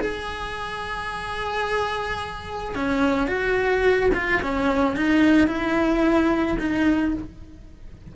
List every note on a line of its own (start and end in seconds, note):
0.00 2.75 G#4
2.75 3.27 C#4
3.27 4.10 F#4
4.14 4.41 F4
4.42 4.96 C#4
4.96 5.47 D#4
5.47 6.57 E4
6.59 7.14 D#4